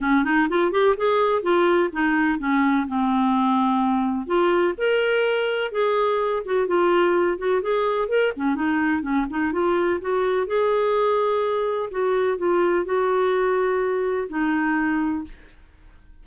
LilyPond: \new Staff \with { instrumentName = "clarinet" } { \time 4/4 \tempo 4 = 126 cis'8 dis'8 f'8 g'8 gis'4 f'4 | dis'4 cis'4 c'2~ | c'4 f'4 ais'2 | gis'4. fis'8 f'4. fis'8 |
gis'4 ais'8 cis'8 dis'4 cis'8 dis'8 | f'4 fis'4 gis'2~ | gis'4 fis'4 f'4 fis'4~ | fis'2 dis'2 | }